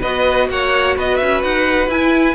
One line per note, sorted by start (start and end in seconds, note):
0.00 0.49 B3
0.00 1.90 F#4
0.00 0.47 B4
0.00 0.48 D#5
0.49 0.96 A#3
0.49 0.96 C#5
0.49 0.97 F#5
0.96 1.20 B3
0.96 2.34 B4
0.96 1.17 D#5
1.17 1.42 C#4
1.17 1.40 E5
1.42 1.87 D#4
1.42 1.89 F#5
1.87 2.34 E4
1.87 2.34 G#5